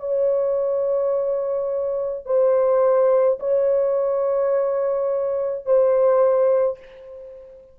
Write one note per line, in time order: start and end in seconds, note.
0.00 2.26 C#5
2.26 3.39 C5
3.40 5.66 C#5
5.66 6.79 C5